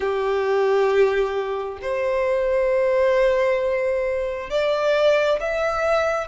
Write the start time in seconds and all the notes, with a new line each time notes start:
0.00 G4
1.82 C5
4.50 D5
5.40 E5